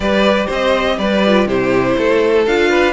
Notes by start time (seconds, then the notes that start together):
0.00 G3 G4 B4 D5
0.46 C4 C5 D#5
0.98 G3 B4 D5
1.26 F4
1.46 C3 E4 G4 C5
1.97 A3 A4
2.45 D4 F4 F5
2.69 B4